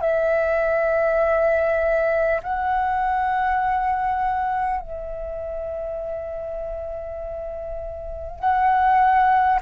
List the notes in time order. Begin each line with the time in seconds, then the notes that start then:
0.00 E5
2.43 F#5
4.80 E5
8.39 F#5